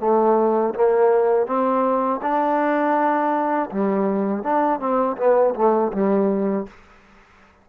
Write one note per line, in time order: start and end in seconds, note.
0.00 0.74 A3
0.74 1.46 A#3
1.46 2.21 C4
2.22 3.70 D4
3.71 4.43 G3
4.43 4.80 D4
4.80 5.17 C4
5.18 5.55 B3
5.55 5.92 A3
5.93 6.67 G3